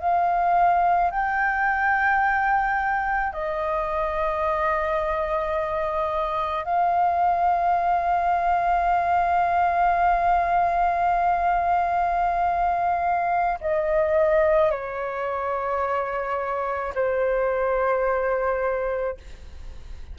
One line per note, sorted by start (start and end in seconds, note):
0.00 1.11 F5
1.11 3.33 G5
3.33 6.65 D#5
6.65 13.59 F5
13.61 14.71 D#5
14.71 16.93 C#5
16.95 19.17 C5